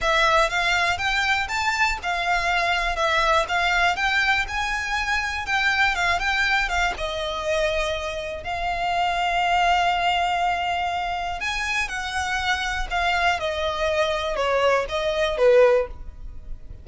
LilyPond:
\new Staff \with { instrumentName = "violin" } { \time 4/4 \tempo 4 = 121 e''4 f''4 g''4 a''4 | f''2 e''4 f''4 | g''4 gis''2 g''4 | f''8 g''4 f''8 dis''2~ |
dis''4 f''2.~ | f''2. gis''4 | fis''2 f''4 dis''4~ | dis''4 cis''4 dis''4 b'4 | }